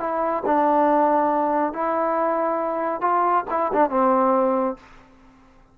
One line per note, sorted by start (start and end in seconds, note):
0.00 0.43 E4
0.46 1.73 D4
1.73 3.01 E4
3.01 3.45 F4
3.50 3.72 E4
3.73 3.90 D4
3.90 4.77 C4